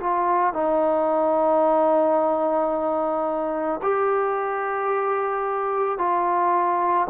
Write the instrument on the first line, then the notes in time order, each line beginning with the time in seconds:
trombone
0.00 F4
0.54 D#4
3.82 G4
5.99 F4